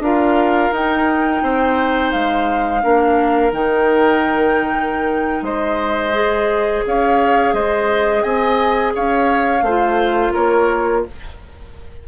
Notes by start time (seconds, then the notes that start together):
0.00 D4 F4 A#4 F5
0.72 D#4 G5
1.43 C4 C5
2.12 G#3 F5
2.82 A#3 D4 A#4
3.53 D#3 D#4 G5
5.42 G#3 C5 D#5
6.13 G#4
6.86 C#4 C#5 F5
7.54 G#3 C5 D#5
8.23 C4 D#5 G#5
8.95 C#4 C#5 F5
9.62 A3 F4 C5
10.33 A#3 A#4 C#5